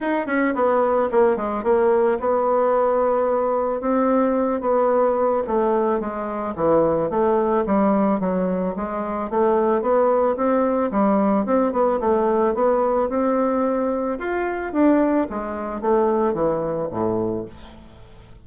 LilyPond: \new Staff \with { instrumentName = "bassoon" } { \time 4/4 \tempo 4 = 110 dis'8 cis'8 b4 ais8 gis8 ais4 | b2. c'4~ | c'8 b4. a4 gis4 | e4 a4 g4 fis4 |
gis4 a4 b4 c'4 | g4 c'8 b8 a4 b4 | c'2 f'4 d'4 | gis4 a4 e4 a,4 | }